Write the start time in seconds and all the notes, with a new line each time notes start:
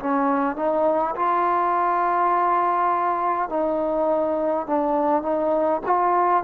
0.00 C#4
0.57 D#4
1.16 F4
3.49 D#4
4.67 D4
5.22 D#4
5.86 F4